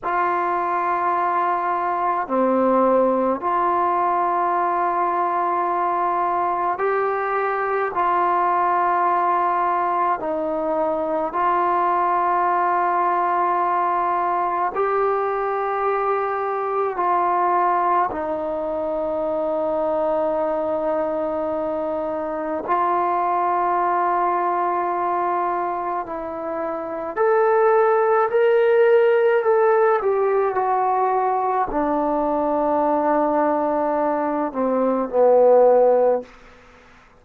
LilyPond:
\new Staff \with { instrumentName = "trombone" } { \time 4/4 \tempo 4 = 53 f'2 c'4 f'4~ | f'2 g'4 f'4~ | f'4 dis'4 f'2~ | f'4 g'2 f'4 |
dis'1 | f'2. e'4 | a'4 ais'4 a'8 g'8 fis'4 | d'2~ d'8 c'8 b4 | }